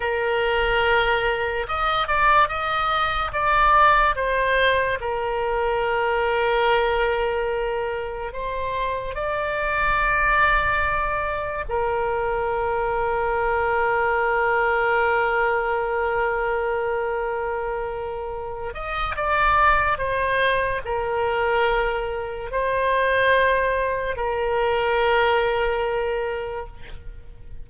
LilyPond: \new Staff \with { instrumentName = "oboe" } { \time 4/4 \tempo 4 = 72 ais'2 dis''8 d''8 dis''4 | d''4 c''4 ais'2~ | ais'2 c''4 d''4~ | d''2 ais'2~ |
ais'1~ | ais'2~ ais'8 dis''8 d''4 | c''4 ais'2 c''4~ | c''4 ais'2. | }